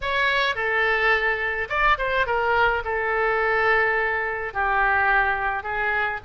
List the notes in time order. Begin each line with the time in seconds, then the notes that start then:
0.01 C#5
0.55 A4
1.69 D5
1.98 C5
2.26 A#4
2.84 A4
4.53 G4
5.63 G#4